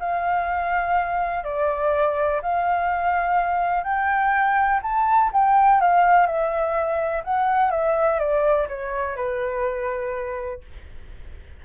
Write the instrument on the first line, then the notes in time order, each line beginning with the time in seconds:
flute
0.00 F5
1.45 D5
2.42 F5
3.84 G5
4.83 A5
5.33 G5
5.81 F5
6.27 E5
7.24 F#5
7.71 E5
8.20 D5
8.69 C#5
9.16 B4